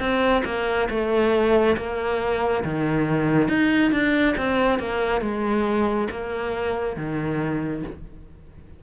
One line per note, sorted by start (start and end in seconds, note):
0.00 0.43 C4
0.45 0.89 A#3
0.90 1.77 A3
1.77 2.64 A#3
2.64 3.49 D#3
3.49 3.92 D#4
3.92 4.36 D4
4.38 4.79 C4
4.79 5.21 A#3
5.21 6.08 G#3
6.11 6.96 A#3
6.96 7.83 D#3